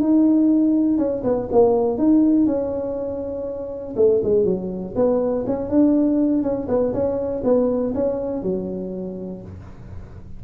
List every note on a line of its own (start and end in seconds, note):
0.00 0.98 D#4
0.98 1.22 C#4
1.24 1.49 B3
1.52 1.98 A#3
1.98 2.46 D#4
2.46 3.95 C#4
3.96 4.21 A3
4.23 4.44 G#3
4.44 4.94 F#3
4.95 5.45 B3
5.47 5.69 C#4
5.69 6.42 D4
6.42 6.67 C#4
6.68 6.93 B3
6.93 7.43 C#4
7.44 7.93 B3
7.95 8.43 C#4
8.43 9.42 F#3